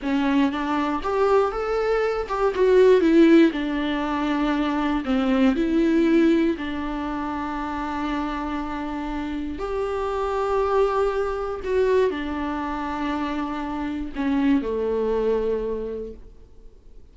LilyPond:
\new Staff \with { instrumentName = "viola" } { \time 4/4 \tempo 4 = 119 cis'4 d'4 g'4 a'4~ | a'8 g'8 fis'4 e'4 d'4~ | d'2 c'4 e'4~ | e'4 d'2.~ |
d'2. g'4~ | g'2. fis'4 | d'1 | cis'4 a2. | }